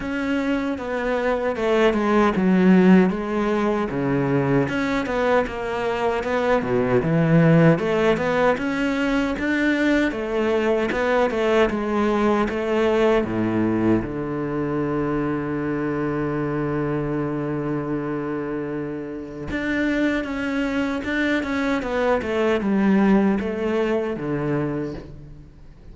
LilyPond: \new Staff \with { instrumentName = "cello" } { \time 4/4 \tempo 4 = 77 cis'4 b4 a8 gis8 fis4 | gis4 cis4 cis'8 b8 ais4 | b8 b,8 e4 a8 b8 cis'4 | d'4 a4 b8 a8 gis4 |
a4 a,4 d2~ | d1~ | d4 d'4 cis'4 d'8 cis'8 | b8 a8 g4 a4 d4 | }